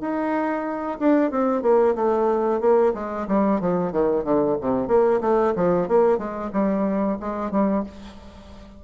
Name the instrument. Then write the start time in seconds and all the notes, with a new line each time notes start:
bassoon
0.00 D#4
0.99 D4
1.30 C4
1.62 A#3
1.95 A3
2.60 A#3
2.94 G#3
3.27 G3
3.60 F3
3.92 D#3
4.24 D3
4.60 C3
4.87 A#3
5.21 A3
5.55 F3
5.88 A#3
6.17 G#3
6.52 G3
7.20 G#3
7.51 G3